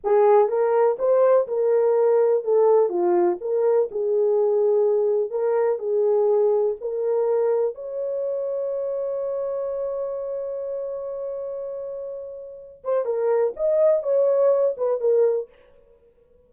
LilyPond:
\new Staff \with { instrumentName = "horn" } { \time 4/4 \tempo 4 = 124 gis'4 ais'4 c''4 ais'4~ | ais'4 a'4 f'4 ais'4 | gis'2. ais'4 | gis'2 ais'2 |
cis''1~ | cis''1~ | cis''2~ cis''8 c''8 ais'4 | dis''4 cis''4. b'8 ais'4 | }